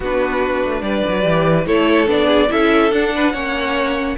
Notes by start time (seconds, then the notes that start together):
0.00 B3 D4 F#4 B4
0.65 A3
0.81 G3 B4 D5
1.08 F#3
1.21 E3 G4
1.66 A3 E4 A4 C#5
2.06 B3 D4 D5
2.26 G#4
2.48 C#4 E4 A4 E5
2.91 D4 F#5
3.14 B4
3.33 A#3 C#4 C#5